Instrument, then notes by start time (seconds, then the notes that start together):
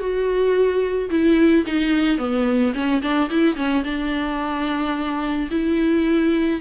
viola
0.00 F#4
1.10 E4
1.67 D#4
2.18 B3
2.75 C#4
3.03 D4
3.31 E4
3.57 C#4
3.84 D4
5.51 E4